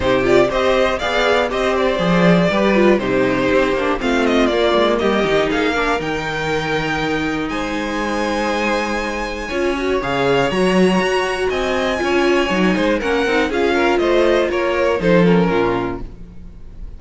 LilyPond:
<<
  \new Staff \with { instrumentName = "violin" } { \time 4/4 \tempo 4 = 120 c''8 d''8 dis''4 f''4 dis''8 d''8~ | d''2 c''2 | f''8 dis''8 d''4 dis''4 f''4 | g''2. gis''4~ |
gis''1 | f''4 ais''2 gis''4~ | gis''2 fis''4 f''4 | dis''4 cis''4 c''8 ais'4. | }
  \new Staff \with { instrumentName = "violin" } { \time 4/4 g'4 c''4 d''4 c''4~ | c''4 b'4 g'2 | f'2 g'4 gis'8 ais'8~ | ais'2. c''4~ |
c''2. cis''4~ | cis''2. dis''4 | cis''4. c''8 ais'4 gis'8 ais'8 | c''4 ais'4 a'4 f'4 | }
  \new Staff \with { instrumentName = "viola" } { \time 4/4 dis'8 f'8 g'4 gis'4 g'4 | gis'4 g'8 f'8 dis'4. d'8 | c'4 ais4. dis'4 d'8 | dis'1~ |
dis'2. f'8 fis'8 | gis'4 fis'2. | f'4 dis'4 cis'8 dis'8 f'4~ | f'2 dis'8 cis'4. | }
  \new Staff \with { instrumentName = "cello" } { \time 4/4 c4 c'4 b4 c'4 | f4 g4 c4 c'8 ais8 | a4 ais8 gis8 g8 dis8 ais4 | dis2. gis4~ |
gis2. cis'4 | cis4 fis4 fis'4 c'4 | cis'4 fis8 gis8 ais8 c'8 cis'4 | a4 ais4 f4 ais,4 | }
>>